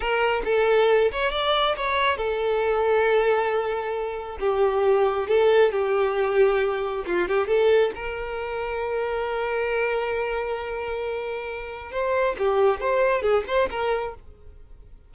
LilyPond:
\new Staff \with { instrumentName = "violin" } { \time 4/4 \tempo 4 = 136 ais'4 a'4. cis''8 d''4 | cis''4 a'2.~ | a'2 g'2 | a'4 g'2. |
f'8 g'8 a'4 ais'2~ | ais'1~ | ais'2. c''4 | g'4 c''4 gis'8 c''8 ais'4 | }